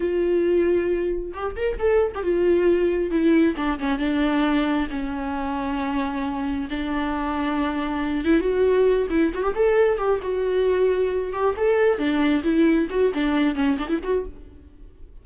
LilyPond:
\new Staff \with { instrumentName = "viola" } { \time 4/4 \tempo 4 = 135 f'2. g'8 ais'8 | a'8. g'16 f'2 e'4 | d'8 cis'8 d'2 cis'4~ | cis'2. d'4~ |
d'2~ d'8 e'8 fis'4~ | fis'8 e'8 fis'16 g'16 a'4 g'8 fis'4~ | fis'4. g'8 a'4 d'4 | e'4 fis'8 d'4 cis'8 d'16 e'16 fis'8 | }